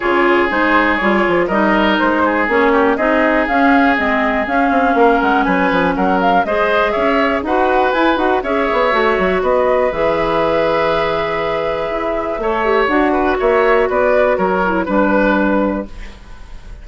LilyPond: <<
  \new Staff \with { instrumentName = "flute" } { \time 4/4 \tempo 4 = 121 cis''4 c''4 cis''4 dis''4 | c''4 cis''4 dis''4 f''4 | dis''4 f''4. fis''8 gis''4 | fis''8 f''8 dis''4 e''4 fis''4 |
gis''8 fis''8 e''2 dis''4 | e''1~ | e''2 fis''4 e''4 | d''4 cis''4 b'2 | }
  \new Staff \with { instrumentName = "oboe" } { \time 4/4 gis'2. ais'4~ | ais'8 gis'4 g'8 gis'2~ | gis'2 ais'4 b'4 | ais'4 c''4 cis''4 b'4~ |
b'4 cis''2 b'4~ | b'1~ | b'4 cis''4. b'8 cis''4 | b'4 ais'4 b'2 | }
  \new Staff \with { instrumentName = "clarinet" } { \time 4/4 f'4 dis'4 f'4 dis'4~ | dis'4 cis'4 dis'4 cis'4 | c'4 cis'2.~ | cis'4 gis'2 fis'4 |
e'8 fis'8 gis'4 fis'2 | gis'1~ | gis'4 a'8 g'8 fis'2~ | fis'4. e'8 d'2 | }
  \new Staff \with { instrumentName = "bassoon" } { \time 4/4 cis4 gis4 g8 f8 g4 | gis4 ais4 c'4 cis'4 | gis4 cis'8 c'8 ais8 gis8 fis8 f8 | fis4 gis4 cis'4 dis'4 |
e'8 dis'8 cis'8 b8 a8 fis8 b4 | e1 | e'4 a4 d'4 ais4 | b4 fis4 g2 | }
>>